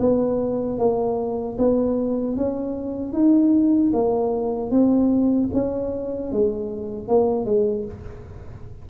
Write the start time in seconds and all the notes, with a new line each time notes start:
0.00 B3
0.79 A#3
1.58 B3
2.37 C#4
3.13 D#4
3.94 A#3
4.71 C4
5.53 C#4
6.33 G#3
7.08 A#3
7.46 G#3